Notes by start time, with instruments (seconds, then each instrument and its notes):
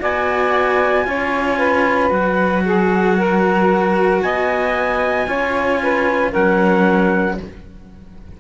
0.00 cello B3 F#4, saxophone D5, trumpet G#5
1.05 cello C#4 F4, saxophone C#5
1.58 saxophone B4
2.10 cello F#3 F#4, trumpet F#5
2.65 saxophone G#4
3.18 saxophone A#4
4.22 cello B3, saxophone D#5, trumpet G#5
5.27 cello C#4 F4, saxophone C#5
5.83 saxophone B4
6.32 cello F#3 C#4, saxophone A#4, trumpet F#5